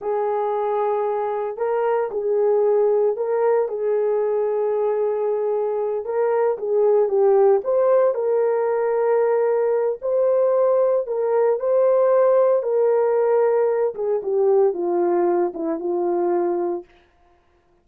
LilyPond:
\new Staff \with { instrumentName = "horn" } { \time 4/4 \tempo 4 = 114 gis'2. ais'4 | gis'2 ais'4 gis'4~ | gis'2.~ gis'8 ais'8~ | ais'8 gis'4 g'4 c''4 ais'8~ |
ais'2. c''4~ | c''4 ais'4 c''2 | ais'2~ ais'8 gis'8 g'4 | f'4. e'8 f'2 | }